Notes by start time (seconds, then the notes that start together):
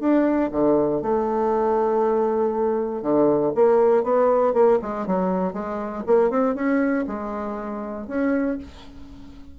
0.00 D4
0.52 D3
1.02 A3
3.02 D3
3.55 A#3
4.04 B3
4.54 A#3
4.82 G#3
5.07 F#3
5.53 G#3
6.07 A#3
6.30 C4
6.55 C#4
7.07 G#3
8.08 C#4